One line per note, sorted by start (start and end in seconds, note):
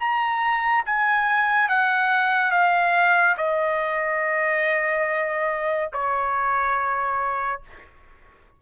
0.00 0.85 A#5
0.86 1.69 G#5
1.69 2.52 F#5
2.52 3.36 F5
3.38 5.91 D#5
5.93 7.62 C#5